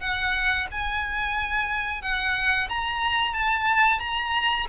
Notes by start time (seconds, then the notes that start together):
0.00 F#5
0.71 G#5
2.01 F#5
2.68 A#5
3.34 A5
3.99 A#5